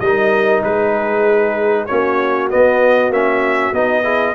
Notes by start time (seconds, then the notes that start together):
0.00 G3 D#4 A#4 D#5
0.63 G#3 G#4 B4
1.86 A#3 C#4 F#4 C#5
2.50 B3 D#5
3.10 A#3 C#4 E5
3.72 B3 D#4 D#5
4.03 E4 G#4